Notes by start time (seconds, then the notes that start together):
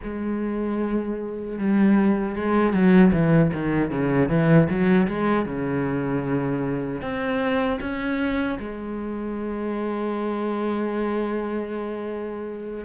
0.03 G#3
1.58 G3
2.35 G#3
2.73 F#3
3.12 E3
3.53 D#3
3.90 C#3
4.29 E3
4.69 F#3
5.07 G#3
5.45 C#3
7.01 C4
7.80 C#4
8.59 G#3